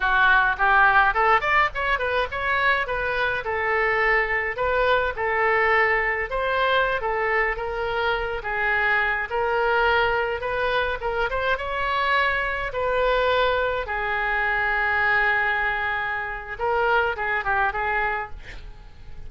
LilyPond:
\new Staff \with { instrumentName = "oboe" } { \time 4/4 \tempo 4 = 105 fis'4 g'4 a'8 d''8 cis''8 b'8 | cis''4 b'4 a'2 | b'4 a'2 c''4~ | c''16 a'4 ais'4. gis'4~ gis'16~ |
gis'16 ais'2 b'4 ais'8 c''16~ | c''16 cis''2 b'4.~ b'16~ | b'16 gis'2.~ gis'8.~ | gis'4 ais'4 gis'8 g'8 gis'4 | }